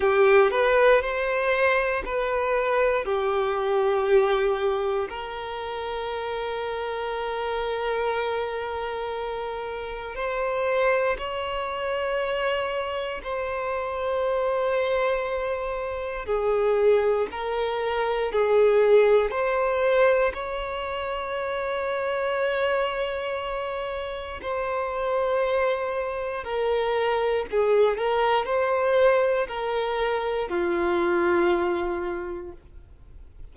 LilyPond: \new Staff \with { instrumentName = "violin" } { \time 4/4 \tempo 4 = 59 g'8 b'8 c''4 b'4 g'4~ | g'4 ais'2.~ | ais'2 c''4 cis''4~ | cis''4 c''2. |
gis'4 ais'4 gis'4 c''4 | cis''1 | c''2 ais'4 gis'8 ais'8 | c''4 ais'4 f'2 | }